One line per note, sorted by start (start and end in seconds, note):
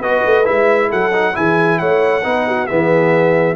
0.00 0.22 B3
0.00 0.45 F#4
0.00 0.88 B4
0.00 0.45 D#5
0.25 0.48 A3
0.45 0.92 G#3
0.45 1.11 E4
0.45 0.90 E5
0.88 1.36 F#3
0.88 1.33 A4
0.88 1.36 F#5
1.12 1.33 D#4
1.33 1.80 E3
1.33 2.22 E4
1.33 1.79 G#4
1.33 1.78 G#5
1.78 2.24 A3
1.78 2.23 C#5
1.78 2.66 F#5
2.23 2.69 B3
2.23 2.68 D#4
2.23 2.46 B4
2.46 2.68 F#4
2.66 3.55 E3
2.66 3.55 B3
2.66 3.55 G#4
2.66 3.55 E5